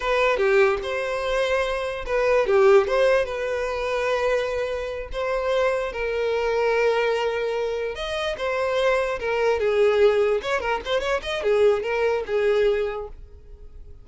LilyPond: \new Staff \with { instrumentName = "violin" } { \time 4/4 \tempo 4 = 147 b'4 g'4 c''2~ | c''4 b'4 g'4 c''4 | b'1~ | b'8 c''2 ais'4.~ |
ais'2.~ ais'8 dis''8~ | dis''8 c''2 ais'4 gis'8~ | gis'4. cis''8 ais'8 c''8 cis''8 dis''8 | gis'4 ais'4 gis'2 | }